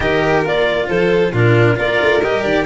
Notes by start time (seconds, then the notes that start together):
0.00 D#3 G4 A#4 D#5
0.43 A#3 F4 D5
0.88 F3 A4 C5
1.32 A#2 D4 F4 A#4
1.76 A#3 F4 A#4 D5
2.02 A3
2.22 G3 G4 D#5
2.41 D#3 D5